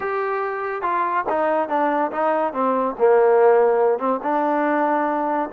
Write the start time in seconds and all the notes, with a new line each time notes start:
0.00 G4
0.82 F4
1.29 D#4
1.69 D4
2.11 D#4
2.53 C4
2.98 A#3
3.98 C4
4.23 D4